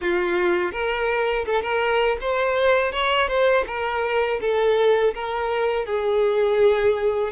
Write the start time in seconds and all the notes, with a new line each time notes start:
0.01 F4
0.72 A#4
1.45 A4
1.62 A#4
2.21 C5
2.92 C#5
3.28 C5
3.67 A#4
4.41 A4
5.14 A#4
5.85 G#4